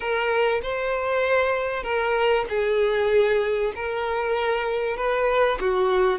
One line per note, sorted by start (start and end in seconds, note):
0.00 0.61 A#4
0.62 1.83 C5
1.83 2.45 A#4
2.49 3.73 G#4
3.75 4.96 A#4
4.96 5.58 B4
5.60 6.19 F#4